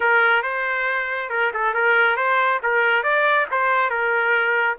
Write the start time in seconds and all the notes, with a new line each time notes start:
0.00 A#4
0.42 C5
1.29 A#4
1.53 A4
1.74 A#4
2.16 C5
2.62 A#4
3.03 D5
3.51 C5
3.90 A#4